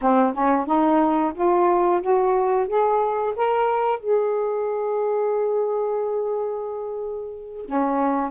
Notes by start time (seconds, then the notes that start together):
0.01 C4
0.33 C#4
0.65 D#4
1.34 F4
2.01 F#4
2.67 G#4
3.35 A#4
3.99 G#4
7.65 C#4